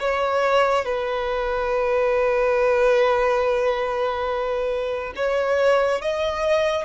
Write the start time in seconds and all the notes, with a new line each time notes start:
0.00 C#5
0.85 B4
5.16 C#5
6.02 D#5